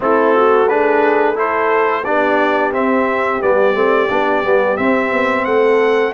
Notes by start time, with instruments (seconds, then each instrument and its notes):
0.00 tuba A3, trombone C4, horn E4, trumpet A4
0.35 horn F#4
0.68 trombone D4, horn G#4, trumpet B4
1.34 trombone E4, horn A4, trumpet C5
2.04 tuba B3, trombone D4, horn G4, trumpet D5
2.72 trombone C4, tuba C4, trumpet E5
3.41 tuba G3, trombone B3, trumpet D5
3.74 tuba A3, trombone C4
4.09 tuba B3, trombone D4
4.43 tuba G3, trombone B3
4.76 trombone C4, tuba C4, trumpet E5
5.12 tuba B3
5.44 tuba A3, horn A4, trumpet F#5